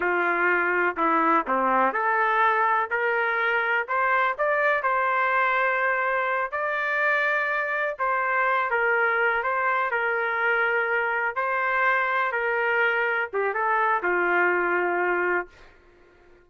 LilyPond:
\new Staff \with { instrumentName = "trumpet" } { \time 4/4 \tempo 4 = 124 f'2 e'4 c'4 | a'2 ais'2 | c''4 d''4 c''2~ | c''4. d''2~ d''8~ |
d''8 c''4. ais'4. c''8~ | c''8 ais'2. c''8~ | c''4. ais'2 g'8 | a'4 f'2. | }